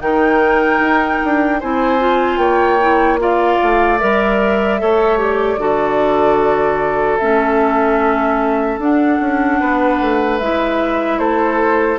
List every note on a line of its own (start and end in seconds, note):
0.00 0.80 D#3
0.00 1.60 D#4
0.00 1.60 A#4
0.00 1.61 G5
0.80 1.20 D#4
1.24 1.62 D4
1.60 2.37 C4
1.60 1.99 E4
1.60 2.40 C5
1.60 2.38 G#5
1.99 2.79 F4
2.37 3.57 A#3
2.37 3.20 C#5
2.37 3.18 G5
2.81 3.19 E4
3.19 3.99 F4
3.19 4.82 D5
3.19 3.98 F5
3.63 4.02 A3
3.98 4.82 G3
3.98 4.79 A#4
3.98 5.18 E5
4.79 5.58 A3
4.79 5.18 A4
4.79 5.61 C#5
5.18 5.58 G4
5.18 7.18 D5
5.58 7.18 D3
5.58 7.19 F#4
5.58 9.60 A4
7.18 8.78 A3
7.18 8.80 C#4
7.18 8.78 E5
8.78 9.18 D4
8.78 10.41 D4
8.78 10.39 F#5
9.21 9.61 C#4
9.60 10.01 B3
9.60 11.19 B4
10.01 10.40 A3
10.39 11.19 G#3
10.39 11.99 E4
10.39 11.19 E5
11.19 11.99 A3
11.19 11.99 A4
11.19 11.99 C5